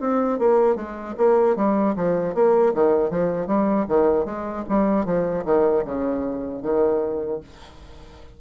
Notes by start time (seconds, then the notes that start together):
0.00 C4
0.39 A#3
0.76 G#3
1.18 A#3
1.57 G3
1.96 F3
2.35 A#3
2.74 D#3
3.11 F3
3.47 G3
3.89 D#3
4.25 G#3
4.69 G3
5.05 F3
5.45 D#3
5.85 C#3
6.63 D#3